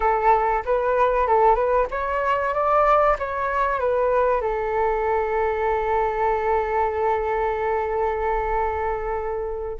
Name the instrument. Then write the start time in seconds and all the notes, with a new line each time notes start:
flute
0.00 A4
0.65 B4
1.27 A4
1.55 B4
1.90 C#5
2.53 D5
3.18 C#5
3.79 B4
4.41 A4